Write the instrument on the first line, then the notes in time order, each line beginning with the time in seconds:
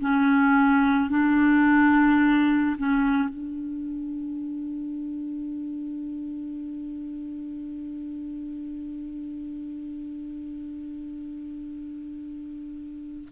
clarinet
0.00 C#4
1.10 D4
2.77 C#4
3.29 D4